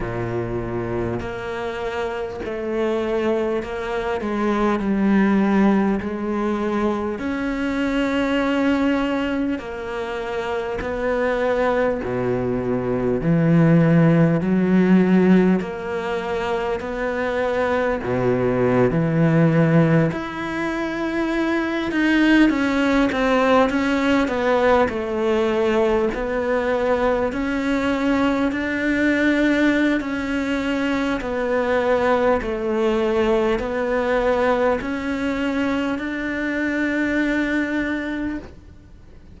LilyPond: \new Staff \with { instrumentName = "cello" } { \time 4/4 \tempo 4 = 50 ais,4 ais4 a4 ais8 gis8 | g4 gis4 cis'2 | ais4 b4 b,4 e4 | fis4 ais4 b4 b,8. e16~ |
e8. e'4. dis'8 cis'8 c'8 cis'16~ | cis'16 b8 a4 b4 cis'4 d'16~ | d'4 cis'4 b4 a4 | b4 cis'4 d'2 | }